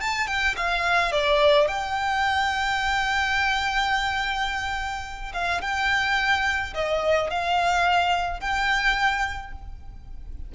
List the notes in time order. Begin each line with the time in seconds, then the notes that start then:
0.00 A5
0.27 G5
0.56 F5
1.11 D5
1.68 G5
5.33 F5
5.61 G5
6.74 D#5
7.30 F5
8.40 G5